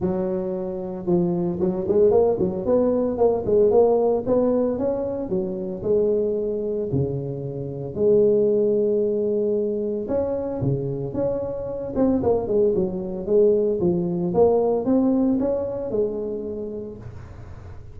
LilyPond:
\new Staff \with { instrumentName = "tuba" } { \time 4/4 \tempo 4 = 113 fis2 f4 fis8 gis8 | ais8 fis8 b4 ais8 gis8 ais4 | b4 cis'4 fis4 gis4~ | gis4 cis2 gis4~ |
gis2. cis'4 | cis4 cis'4. c'8 ais8 gis8 | fis4 gis4 f4 ais4 | c'4 cis'4 gis2 | }